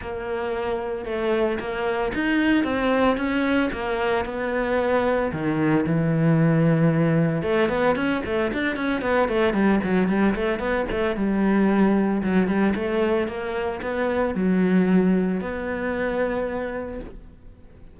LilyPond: \new Staff \with { instrumentName = "cello" } { \time 4/4 \tempo 4 = 113 ais2 a4 ais4 | dis'4 c'4 cis'4 ais4 | b2 dis4 e4~ | e2 a8 b8 cis'8 a8 |
d'8 cis'8 b8 a8 g8 fis8 g8 a8 | b8 a8 g2 fis8 g8 | a4 ais4 b4 fis4~ | fis4 b2. | }